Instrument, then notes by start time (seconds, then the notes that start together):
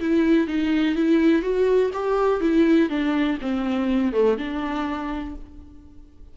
viola
0.00 E4
0.47 D#4
0.95 E4
1.42 F#4
1.93 G4
2.41 E4
2.89 D4
3.41 C4
4.12 A3
4.37 D4